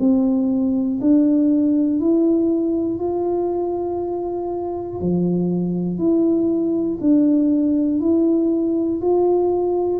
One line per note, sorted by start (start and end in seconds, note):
0.00 1.00 C4
1.01 2.00 D4
2.00 2.99 E4
2.99 4.99 F4
5.00 5.99 F3
5.99 6.99 E4
7.00 8.00 D4
8.00 9.00 E4
9.01 10.00 F4